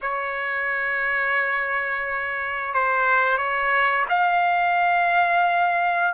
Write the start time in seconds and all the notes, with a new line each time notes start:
0.01 C#5
2.74 C5
3.37 C#5
4.09 F5